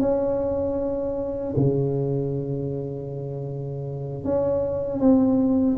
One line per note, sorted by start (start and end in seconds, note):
0.00 1.54 C#4
1.56 4.24 C#3
4.24 5.00 C#4
5.00 5.77 C4